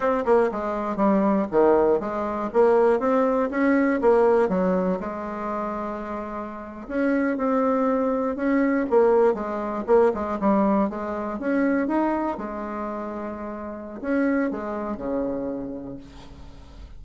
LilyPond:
\new Staff \with { instrumentName = "bassoon" } { \time 4/4 \tempo 4 = 120 c'8 ais8 gis4 g4 dis4 | gis4 ais4 c'4 cis'4 | ais4 fis4 gis2~ | gis4.~ gis16 cis'4 c'4~ c'16~ |
c'8. cis'4 ais4 gis4 ais16~ | ais16 gis8 g4 gis4 cis'4 dis'16~ | dis'8. gis2.~ gis16 | cis'4 gis4 cis2 | }